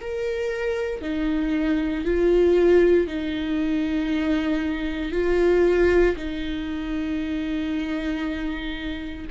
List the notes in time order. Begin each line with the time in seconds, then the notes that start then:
0.00 A#4
1.01 D#4
2.04 F4
3.07 D#4
5.12 F4
6.16 D#4